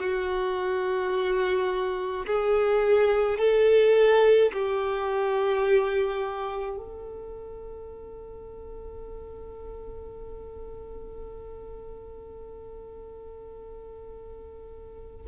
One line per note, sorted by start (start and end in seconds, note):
0.00 2.26 F#4
2.27 3.39 G#4
3.39 4.52 A4
4.53 6.78 G4
6.78 15.27 A4